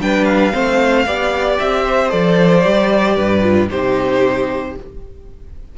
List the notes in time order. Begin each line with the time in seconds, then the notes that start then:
0.00 G3 D4 B4 G5
0.24 F5
0.52 A3 C4 C5
1.06 B3 G4 D5
1.59 C4 E5
1.84 C5
2.09 F3 A4 D5
2.63 G3 G4
3.16 G2 B4
3.42 F4
3.70 C3 D#4 G4 C5